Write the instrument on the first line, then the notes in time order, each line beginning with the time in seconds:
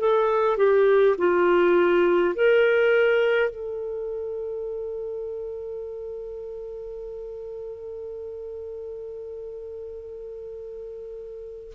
clarinet
0.00 A4
0.58 G4
1.18 F4
2.35 A#4
3.50 A4